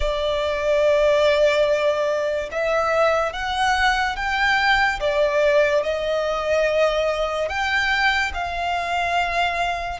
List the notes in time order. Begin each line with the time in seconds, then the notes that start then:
0.00 D5
2.51 E5
3.33 F#5
4.16 G5
5.00 D5
5.83 D#5
7.48 G5
8.34 F5